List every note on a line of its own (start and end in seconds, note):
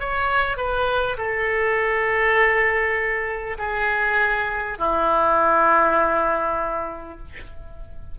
0.00 0.57 C#5
0.57 1.17 B4
1.17 3.57 A4
3.58 4.78 G#4
4.78 7.18 E4